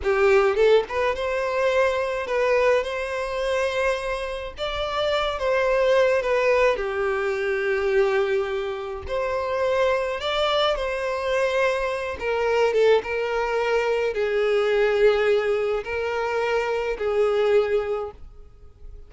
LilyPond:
\new Staff \with { instrumentName = "violin" } { \time 4/4 \tempo 4 = 106 g'4 a'8 b'8 c''2 | b'4 c''2. | d''4. c''4. b'4 | g'1 |
c''2 d''4 c''4~ | c''4. ais'4 a'8 ais'4~ | ais'4 gis'2. | ais'2 gis'2 | }